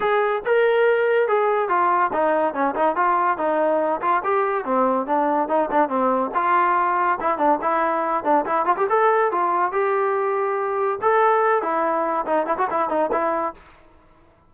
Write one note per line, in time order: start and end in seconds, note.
0.00 0.42 G#4
0.45 1.28 A#4
1.28 1.68 G#4
1.68 2.10 F4
2.13 2.54 D#4
2.54 2.75 C#4
2.75 2.95 D#4
2.95 3.37 F4
3.37 4.00 D#4
4.01 4.22 F4
4.24 4.64 G4
4.64 5.06 C4
5.06 5.48 D4
5.48 5.69 D#4
5.70 5.88 D4
5.88 6.31 C4
6.34 7.18 F4
7.20 7.38 E4
7.38 7.59 D4
7.61 8.24 E4
8.24 8.45 D4
8.45 8.65 E4
8.65 8.76 F4
8.76 8.87 G4
8.89 9.31 A4
9.31 9.72 F4
9.72 10.98 G4
11.01 11.62 A4
11.62 12.25 E4
12.26 12.46 D#4
12.46 12.56 E4
12.57 12.68 F#4
12.70 12.89 E4
12.89 13.10 D#4
13.11 13.54 E4